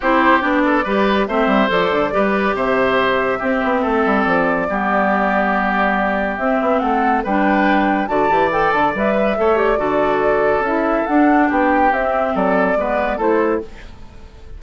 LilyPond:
<<
  \new Staff \with { instrumentName = "flute" } { \time 4/4 \tempo 4 = 141 c''4 d''2 e''4 | d''2 e''2~ | e''2 d''2~ | d''2. e''4 |
fis''4 g''2 a''4 | g''8 a''8 e''4. d''4.~ | d''4 e''4 fis''4 g''4 | e''4 d''2 c''4 | }
  \new Staff \with { instrumentName = "oboe" } { \time 4/4 g'4. a'8 b'4 c''4~ | c''4 b'4 c''2 | g'4 a'2 g'4~ | g'1 |
a'4 b'2 d''4~ | d''4. b'8 cis''4 a'4~ | a'2. g'4~ | g'4 a'4 b'4 a'4 | }
  \new Staff \with { instrumentName = "clarinet" } { \time 4/4 e'4 d'4 g'4 c'4 | a'4 g'2. | c'2. b4~ | b2. c'4~ |
c'4 d'2 fis'8 g'8 | a'4 b'4 a'8 g'8 fis'4~ | fis'4 e'4 d'2 | c'2 b4 e'4 | }
  \new Staff \with { instrumentName = "bassoon" } { \time 4/4 c'4 b4 g4 a8 g8 | f8 d8 g4 c2 | c'8 b8 a8 g8 f4 g4~ | g2. c'8 b8 |
a4 g2 d8 e8~ | e8 d8 g4 a4 d4~ | d4 cis'4 d'4 b4 | c'4 fis4 gis4 a4 | }
>>